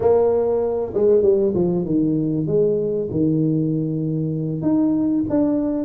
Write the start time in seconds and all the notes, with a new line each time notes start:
0.00 A#3
0.93 G#3
1.22 G3
1.55 F3
1.85 D#3
2.46 G#3
3.10 D#3
4.62 D#4
5.29 D4